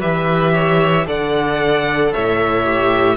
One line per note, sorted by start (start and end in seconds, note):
0.00 1.08 E3
0.00 1.06 G4
0.00 0.53 B4
0.00 1.07 E5
0.54 1.06 C#5
1.06 2.13 D3
1.06 2.64 A4
1.06 2.13 D5
1.06 2.13 F#5
2.13 3.17 A2
2.13 3.17 C#5
2.13 3.17 E5
2.64 3.17 G4